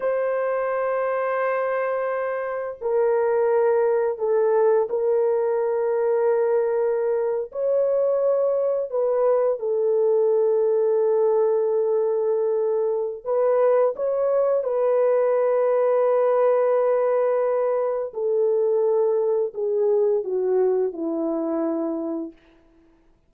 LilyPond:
\new Staff \with { instrumentName = "horn" } { \time 4/4 \tempo 4 = 86 c''1 | ais'2 a'4 ais'4~ | ais'2~ ais'8. cis''4~ cis''16~ | cis''8. b'4 a'2~ a'16~ |
a'2. b'4 | cis''4 b'2.~ | b'2 a'2 | gis'4 fis'4 e'2 | }